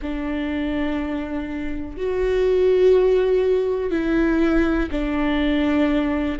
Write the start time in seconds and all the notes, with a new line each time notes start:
0.01 D4
1.97 F#4
3.91 E4
4.91 D4